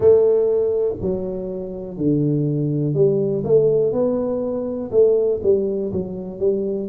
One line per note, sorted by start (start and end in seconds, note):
0.00 0.95 A3
1.01 1.97 F#3
1.97 2.94 D3
2.94 3.43 G3
3.43 3.92 A3
3.92 4.90 B3
4.91 5.40 A3
5.42 5.92 G3
5.92 6.39 F#3
6.39 6.88 G3